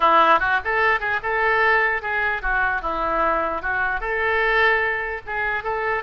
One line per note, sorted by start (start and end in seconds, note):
0.00 0.39 E4
0.39 0.59 F#4
0.64 1.00 A4
1.00 1.20 G#4
1.22 2.02 A4
2.02 2.42 G#4
2.42 2.81 F#4
2.81 3.61 E4
3.61 4.00 F#4
4.00 5.21 A4
5.26 5.63 G#4
5.63 6.03 A4